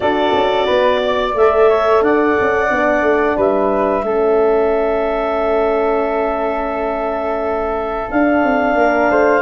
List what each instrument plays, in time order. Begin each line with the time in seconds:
0.00 tuba D4, horn F#4, flute A4, clarinet D5
0.34 tuba C#4
0.65 tuba B3, flute B4
1.04 flute D5
1.34 tuba A3, horn A4, clarinet E5
1.69 flute C#5
2.01 tuba D4, flute D5, clarinet F#5
2.40 tuba C#4
2.70 tuba B3, horn D4
3.02 tuba A3
3.36 tuba G3, flute B4, clarinet E5
4.02 tuba A3, horn C#4, flute A4
8.08 horn D4, tuba D4, clarinet F5
8.43 tuba C4
8.75 tuba A#3, flute A#4
9.10 tuba A3, flute C5